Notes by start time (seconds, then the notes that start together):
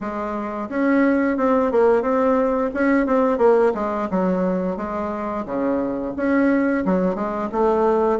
0.00 G#3
0.69 C#4
1.37 C4
1.71 A#3
2.02 C4
2.74 C#4
3.06 C4
3.38 A#3
3.74 G#3
4.10 F#3
4.77 G#3
5.45 C#3
6.16 C#4
6.85 F#3
7.15 G#3
7.52 A3